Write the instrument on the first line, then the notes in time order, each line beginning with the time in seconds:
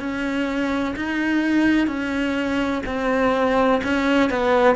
cello
0.00 C#4
0.96 D#4
1.87 C#4
2.87 C4
3.84 C#4
4.30 B3